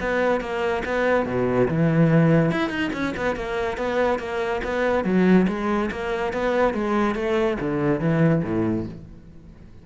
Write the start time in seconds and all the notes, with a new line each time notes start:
0.00 B3
0.41 A#3
0.85 B3
1.26 B2
1.68 E3
2.51 E4
2.69 D#4
2.93 C#4
3.17 B3
3.36 A#3
3.77 B3
4.19 A#3
4.64 B3
5.04 F#3
5.48 G#3
5.91 A#3
6.33 B3
6.74 G#3
7.15 A3
7.60 D3
8.00 E3
8.43 A2